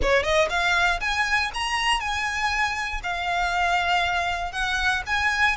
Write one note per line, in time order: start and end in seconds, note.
0.02 0.23 C#5
0.23 0.48 D#5
0.49 1.00 F5
1.00 1.51 G#5
1.54 2.00 A#5
2.00 3.00 G#5
3.03 4.52 F5
4.52 5.02 F#5
5.06 5.56 G#5